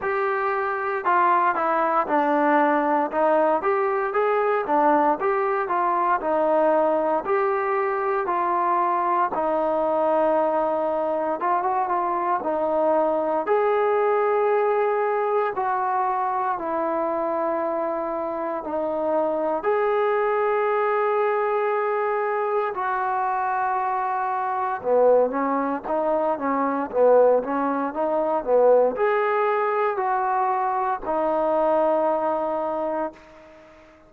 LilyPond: \new Staff \with { instrumentName = "trombone" } { \time 4/4 \tempo 4 = 58 g'4 f'8 e'8 d'4 dis'8 g'8 | gis'8 d'8 g'8 f'8 dis'4 g'4 | f'4 dis'2 f'16 fis'16 f'8 | dis'4 gis'2 fis'4 |
e'2 dis'4 gis'4~ | gis'2 fis'2 | b8 cis'8 dis'8 cis'8 b8 cis'8 dis'8 b8 | gis'4 fis'4 dis'2 | }